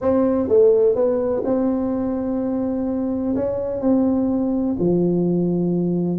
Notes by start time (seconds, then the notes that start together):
0.01 C4
0.48 A3
0.95 B3
1.44 C4
3.35 C#4
3.80 C4
4.79 F3